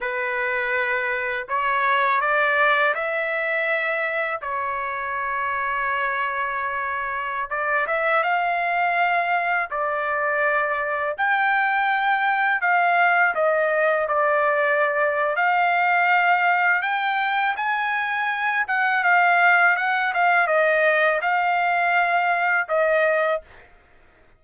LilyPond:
\new Staff \with { instrumentName = "trumpet" } { \time 4/4 \tempo 4 = 82 b'2 cis''4 d''4 | e''2 cis''2~ | cis''2~ cis''16 d''8 e''8 f''8.~ | f''4~ f''16 d''2 g''8.~ |
g''4~ g''16 f''4 dis''4 d''8.~ | d''4 f''2 g''4 | gis''4. fis''8 f''4 fis''8 f''8 | dis''4 f''2 dis''4 | }